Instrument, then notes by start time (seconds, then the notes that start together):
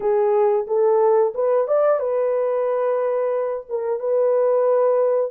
horn
0.00 G#4
0.67 A4
1.34 B4
1.67 D5
1.99 B4
3.69 A#4
3.99 B4